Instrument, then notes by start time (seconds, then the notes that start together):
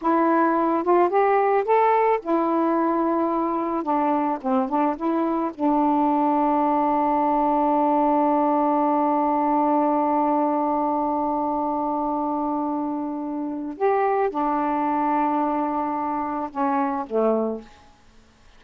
saxophone
0.01 E4
0.83 F4
1.09 G4
1.64 A4
2.22 E4
3.83 D4
4.41 C4
4.68 D4
4.96 E4
5.54 D4
13.77 G4
14.30 D4
16.51 C#4
17.06 A3